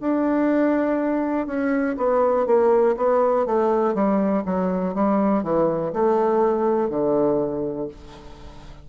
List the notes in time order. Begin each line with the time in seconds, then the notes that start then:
0.00 D4
1.47 C#4
1.97 B3
2.46 A#3
2.97 B3
3.46 A3
3.94 G3
4.45 F#3
4.94 G3
5.43 E3
5.92 A3
6.89 D3